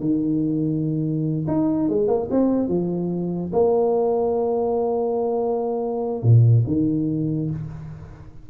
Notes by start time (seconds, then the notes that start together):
0.00 D#3
1.47 D#4
1.89 G#3
2.08 A#3
2.31 C4
2.68 F3
3.53 A#3
6.23 A#2
6.67 D#3